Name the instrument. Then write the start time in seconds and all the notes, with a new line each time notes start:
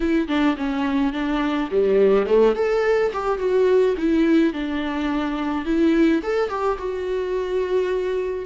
viola
0.00 E4
0.28 D4
0.56 C#4
1.12 D4
1.71 G3
2.26 A3
2.55 A4
3.12 G4
3.38 F#4
3.97 E4
4.53 D4
5.65 E4
6.22 A4
6.49 G4
6.78 F#4